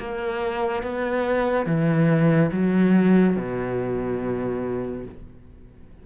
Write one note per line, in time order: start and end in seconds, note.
0.00 0.83 A#3
0.83 1.66 B3
1.66 2.51 E3
2.52 3.37 F#3
3.37 5.06 B2